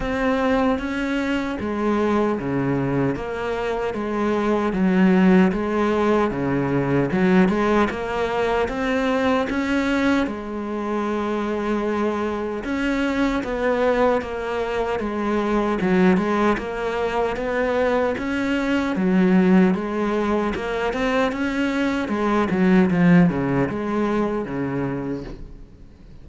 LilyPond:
\new Staff \with { instrumentName = "cello" } { \time 4/4 \tempo 4 = 76 c'4 cis'4 gis4 cis4 | ais4 gis4 fis4 gis4 | cis4 fis8 gis8 ais4 c'4 | cis'4 gis2. |
cis'4 b4 ais4 gis4 | fis8 gis8 ais4 b4 cis'4 | fis4 gis4 ais8 c'8 cis'4 | gis8 fis8 f8 cis8 gis4 cis4 | }